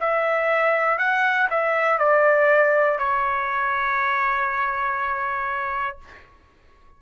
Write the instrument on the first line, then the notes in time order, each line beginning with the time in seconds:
trumpet
0.00 E5
0.98 F#5
1.50 E5
1.98 D5
2.98 C#5